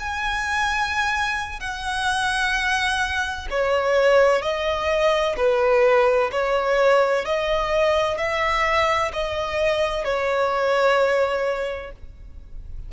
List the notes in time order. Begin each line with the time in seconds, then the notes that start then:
0.00 G#5
1.61 F#5
3.51 C#5
4.42 D#5
5.37 B4
6.32 C#5
7.26 D#5
8.18 E5
9.13 D#5
10.05 C#5